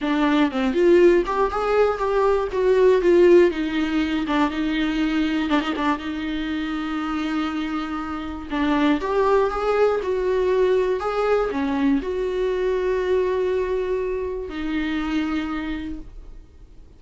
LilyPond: \new Staff \with { instrumentName = "viola" } { \time 4/4 \tempo 4 = 120 d'4 c'8 f'4 g'8 gis'4 | g'4 fis'4 f'4 dis'4~ | dis'8 d'8 dis'2 d'16 dis'16 d'8 | dis'1~ |
dis'4 d'4 g'4 gis'4 | fis'2 gis'4 cis'4 | fis'1~ | fis'4 dis'2. | }